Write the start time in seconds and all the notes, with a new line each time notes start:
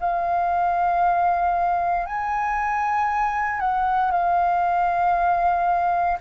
0.00 F5
2.06 G#5
3.60 F#5
4.11 F5